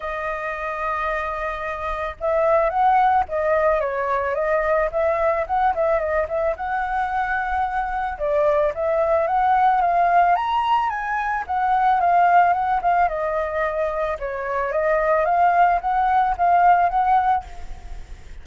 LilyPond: \new Staff \with { instrumentName = "flute" } { \time 4/4 \tempo 4 = 110 dis''1 | e''4 fis''4 dis''4 cis''4 | dis''4 e''4 fis''8 e''8 dis''8 e''8 | fis''2. d''4 |
e''4 fis''4 f''4 ais''4 | gis''4 fis''4 f''4 fis''8 f''8 | dis''2 cis''4 dis''4 | f''4 fis''4 f''4 fis''4 | }